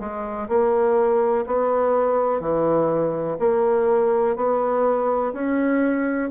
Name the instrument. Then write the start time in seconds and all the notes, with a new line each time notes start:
bassoon
0.00 G#3
0.48 A#3
1.46 B3
2.40 E3
3.39 A#3
4.36 B3
5.33 C#4